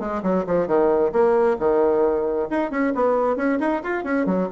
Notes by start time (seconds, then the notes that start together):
0.00 G#3
0.23 F#3
0.47 F3
0.68 D#3
1.13 A#3
1.60 D#3
2.50 D#4
2.71 C#4
2.95 B3
3.37 C#4
3.60 D#4
3.84 F4
4.04 C#4
4.27 F#3